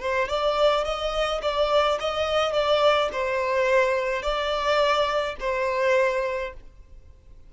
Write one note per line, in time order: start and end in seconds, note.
0.00 0.28 C5
0.29 0.84 D5
0.84 1.41 D#5
1.42 1.99 D5
2.00 2.53 D#5
2.53 3.09 D5
3.12 4.22 C5
4.22 5.36 D5
5.40 6.53 C5